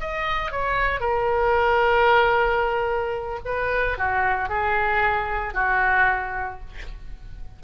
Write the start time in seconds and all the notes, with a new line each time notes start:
0.00 D#5
0.51 C#5
1.00 A#4
3.45 B4
3.98 F#4
4.49 G#4
5.54 F#4